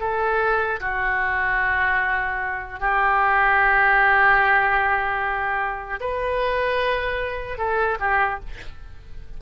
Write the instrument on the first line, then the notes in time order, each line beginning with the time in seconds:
oboe
0.00 A4
0.81 F#4
2.80 G4
6.00 B4
7.58 A4
8.00 G4